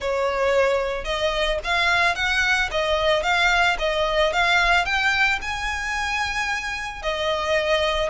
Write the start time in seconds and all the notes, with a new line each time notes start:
0.00 C#5
1.04 D#5
1.63 F5
2.15 F#5
2.71 D#5
3.22 F5
3.78 D#5
4.32 F5
4.85 G5
5.41 G#5
7.02 D#5